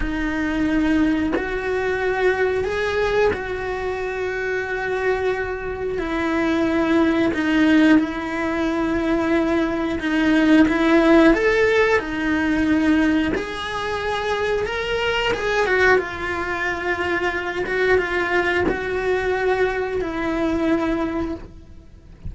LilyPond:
\new Staff \with { instrumentName = "cello" } { \time 4/4 \tempo 4 = 90 dis'2 fis'2 | gis'4 fis'2.~ | fis'4 e'2 dis'4 | e'2. dis'4 |
e'4 a'4 dis'2 | gis'2 ais'4 gis'8 fis'8 | f'2~ f'8 fis'8 f'4 | fis'2 e'2 | }